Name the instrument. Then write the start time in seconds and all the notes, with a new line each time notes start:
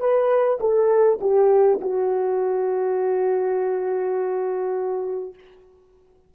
horn
0.00 B4
0.60 A4
1.21 G4
1.81 F#4